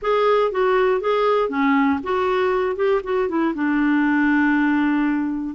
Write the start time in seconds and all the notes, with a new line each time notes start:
0.01 G#4
0.51 F#4
1.00 G#4
1.49 C#4
2.03 F#4
2.75 G4
3.03 F#4
3.28 E4
3.54 D4